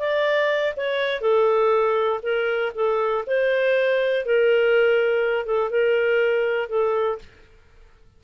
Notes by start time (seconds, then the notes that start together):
0.00 D5
0.77 C#5
1.21 A4
2.23 A#4
2.75 A4
3.27 C5
4.26 A#4
5.46 A4
5.71 A#4
6.69 A4